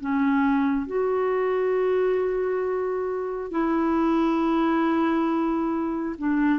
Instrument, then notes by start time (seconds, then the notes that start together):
clarinet
0.00 C#4
0.86 F#4
3.51 E4
6.18 D4